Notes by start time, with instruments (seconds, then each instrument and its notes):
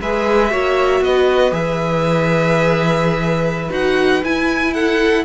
0.00 cello G#3, viola G#4, violin B4 E5
0.51 cello A#3, viola F#4, violin C#5
1.01 cello B3, violin B4 D#5
1.51 cello E3, viola G#4, violin E5
3.70 cello D#4, viola F#4, violin F#5
4.24 cello E4, viola E4, violin G#5
4.73 violin A4 F#5